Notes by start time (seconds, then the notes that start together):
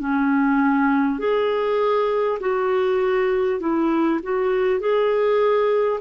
0.00 C#4
1.19 G#4
2.41 F#4
3.61 E4
4.23 F#4
4.80 G#4